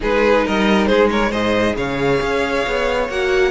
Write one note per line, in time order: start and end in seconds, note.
0.00 0.47 G#3
0.00 1.30 D#4
0.00 0.45 G#4
0.00 0.47 B4
0.45 0.90 G3
0.45 0.87 A#4
0.45 0.86 D#5
0.86 1.32 G#3
0.86 1.09 G#4
0.86 1.08 C5
1.10 1.30 A#4
1.10 1.32 C#5
1.30 1.76 G#2
1.30 3.09 G#4
1.30 1.74 C5
1.30 1.76 D#5
1.76 2.20 C#3
1.76 3.51 C#5
1.76 3.09 F5
2.21 2.65 C#4
2.66 3.09 B3
3.09 3.51 A#3
3.09 3.51 F#4
3.09 3.51 F#5